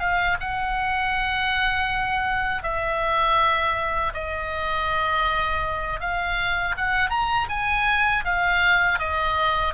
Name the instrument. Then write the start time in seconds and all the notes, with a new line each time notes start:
oboe
0.00 F5
0.40 F#5
2.63 E5
4.14 D#5
6.00 F5
6.77 F#5
7.10 A#5
7.49 G#5
8.25 F5
8.99 D#5